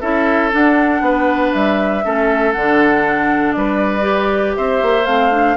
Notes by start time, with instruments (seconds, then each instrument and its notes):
0.00 bassoon C#4, clarinet E4, oboe A4, flute E5
0.51 clarinet D4, bassoon D4, flute F#5
1.00 bassoon B3, oboe B4
1.53 bassoon G3, flute E5
2.04 bassoon A3, clarinet C#4, oboe A4
2.52 bassoon D3, clarinet D4, flute F#5
3.52 bassoon G3, oboe B4, flute D5
4.01 clarinet G4
4.56 bassoon C4, oboe C5, flute E5
4.82 bassoon A#3
5.05 bassoon A3, clarinet C4, flute F5
5.30 clarinet D4